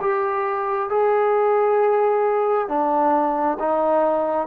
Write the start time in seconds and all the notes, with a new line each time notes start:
0.00 G4
0.89 G#4
2.68 D4
3.59 D#4